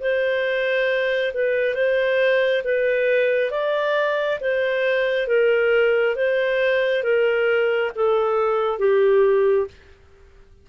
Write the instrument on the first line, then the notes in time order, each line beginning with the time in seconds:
clarinet
0.00 C5
1.34 B4
1.74 C5
2.64 B4
3.51 D5
4.40 C5
5.27 A#4
6.15 C5
7.03 A#4
7.95 A4
8.79 G4